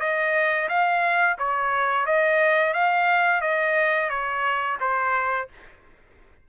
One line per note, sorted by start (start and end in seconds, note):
0.00 0.68 D#5
0.68 1.37 F5
1.39 2.06 C#5
2.06 2.73 D#5
2.73 3.41 F5
3.41 4.09 D#5
4.09 4.78 C#5
4.80 5.48 C5